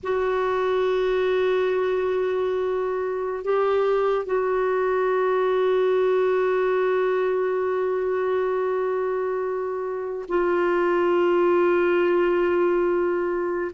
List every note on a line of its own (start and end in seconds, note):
0.03 3.44 F#4
3.44 4.25 G4
4.25 10.25 F#4
10.28 13.71 F4